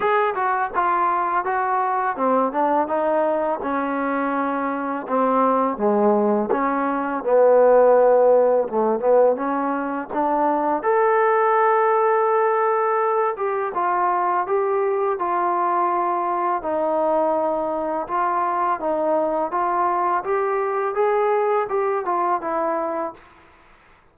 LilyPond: \new Staff \with { instrumentName = "trombone" } { \time 4/4 \tempo 4 = 83 gis'8 fis'8 f'4 fis'4 c'8 d'8 | dis'4 cis'2 c'4 | gis4 cis'4 b2 | a8 b8 cis'4 d'4 a'4~ |
a'2~ a'8 g'8 f'4 | g'4 f'2 dis'4~ | dis'4 f'4 dis'4 f'4 | g'4 gis'4 g'8 f'8 e'4 | }